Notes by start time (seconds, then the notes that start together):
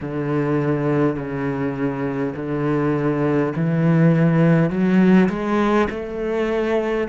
0.01 D3
1.16 C#3
2.35 D3
3.56 E3
4.70 F#3
5.29 G#3
5.89 A3